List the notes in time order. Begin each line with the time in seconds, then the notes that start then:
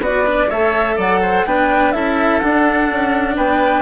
0.00 B3 F#4 B4 D5
0.26 D4
0.49 A3 A4 C#5 E5
0.96 F#3 D5 F#5
1.22 C5
1.45 B3 D4 B4 G5
1.92 C#4 E4 A4 E5
2.40 D4 F#5
2.91 C#4
3.36 B3 B4 G5